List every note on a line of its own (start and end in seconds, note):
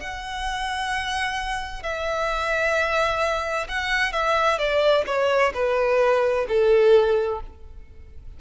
0.00 1.83 F#5
1.83 3.68 E5
3.69 4.12 F#5
4.12 4.59 E5
4.59 5.05 D5
5.07 5.53 C#5
5.54 6.47 B4
6.49 7.41 A4